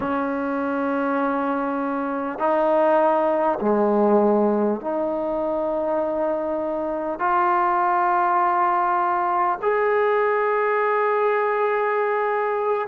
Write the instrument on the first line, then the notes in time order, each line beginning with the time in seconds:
trombone
0.00 C#4
2.38 D#4
3.60 G#3
4.81 D#4
7.19 F4
9.62 G#4